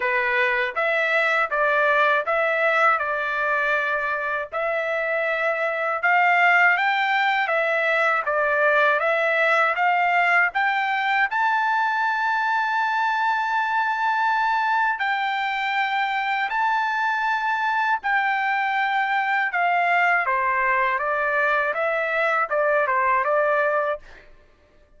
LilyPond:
\new Staff \with { instrumentName = "trumpet" } { \time 4/4 \tempo 4 = 80 b'4 e''4 d''4 e''4 | d''2 e''2 | f''4 g''4 e''4 d''4 | e''4 f''4 g''4 a''4~ |
a''1 | g''2 a''2 | g''2 f''4 c''4 | d''4 e''4 d''8 c''8 d''4 | }